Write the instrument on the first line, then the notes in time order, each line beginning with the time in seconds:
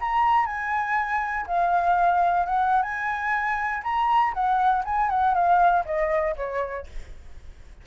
flute
0.00 A#5
0.46 G#5
1.47 F5
2.45 F#5
2.82 G#5
3.83 A#5
4.33 F#5
4.84 G#5
5.09 F#5
5.34 F5
5.85 D#5
6.36 C#5